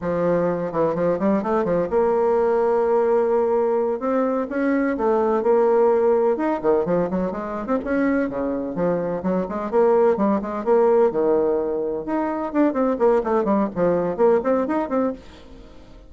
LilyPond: \new Staff \with { instrumentName = "bassoon" } { \time 4/4 \tempo 4 = 127 f4. e8 f8 g8 a8 f8 | ais1~ | ais8 c'4 cis'4 a4 ais8~ | ais4. dis'8 dis8 f8 fis8 gis8~ |
gis16 c'16 cis'4 cis4 f4 fis8 | gis8 ais4 g8 gis8 ais4 dis8~ | dis4. dis'4 d'8 c'8 ais8 | a8 g8 f4 ais8 c'8 dis'8 c'8 | }